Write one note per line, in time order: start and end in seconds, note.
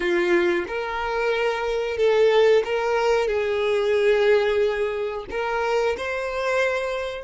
0.00 0.65 F4
0.67 1.97 A#4
1.97 2.63 A4
2.64 3.27 A#4
3.27 5.25 G#4
5.30 5.96 A#4
5.97 7.23 C5